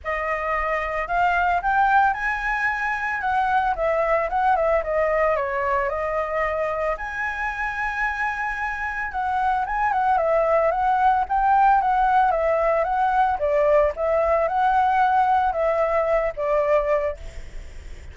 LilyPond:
\new Staff \with { instrumentName = "flute" } { \time 4/4 \tempo 4 = 112 dis''2 f''4 g''4 | gis''2 fis''4 e''4 | fis''8 e''8 dis''4 cis''4 dis''4~ | dis''4 gis''2.~ |
gis''4 fis''4 gis''8 fis''8 e''4 | fis''4 g''4 fis''4 e''4 | fis''4 d''4 e''4 fis''4~ | fis''4 e''4. d''4. | }